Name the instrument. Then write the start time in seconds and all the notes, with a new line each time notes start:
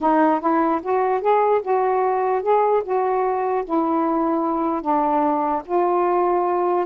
saxophone
0.00 D#4
0.40 E4
0.82 F#4
1.21 G#4
1.62 F#4
2.42 G#4
2.83 F#4
3.64 E4
4.81 D4
5.65 F4